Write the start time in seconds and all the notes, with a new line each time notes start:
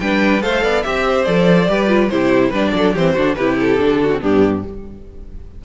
0.00 G3 D4 B4 G5
0.41 A3 A4 C5 F5
0.63 B3 D5
0.82 C4 G4 E5
1.08 C5
1.24 F3 A4 D5
1.68 G3 G4 B4
1.88 F4
2.09 C3 E4 G4 C5
2.49 G3 D4 B4 D5
2.74 F#3 A4
2.93 E3 C4 G4 C5
3.14 D3 D4 F#4
3.35 C3 E4 G4 B4
3.60 A4
3.78 D3 D4
4.02 F#4
4.12 C4
4.20 G2 B3 D4 G4